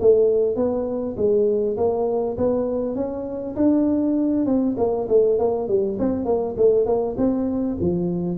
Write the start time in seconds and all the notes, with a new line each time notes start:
0.00 A3
0.56 B3
1.17 G#3
1.77 A#3
2.37 B3
2.95 C#4
3.56 D4
4.46 C4
4.77 A#3
5.09 A3
5.38 A#3
5.68 G3
5.99 C4
6.25 A#3
6.57 A3
6.86 A#3
7.17 C4
7.80 F3